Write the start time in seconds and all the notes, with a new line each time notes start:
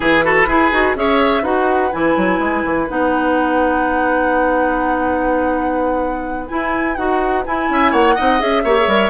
0.00 E3 E4 G#4 B4
0.22 F#4 A4
0.46 E4 G#4
0.71 D#4 F#4
0.95 C#4 G#4 C#5 E5
1.42 D#4 F#4 B4 F#5
1.92 E3 E4 G#5
2.16 F#3
2.39 G#3
2.64 E3
2.87 B3 D#4 F#5
6.48 E4 G#5
6.95 D#4 F#4 F#5
7.45 E4 G#5
7.69 C#4 E5
7.91 A#3 C#5 F#5
8.14 C4 D#4 D#5
8.39 C#4 G#4 E5
8.64 A#3 G4 C#5
8.78 G#4
8.86 G3 A#4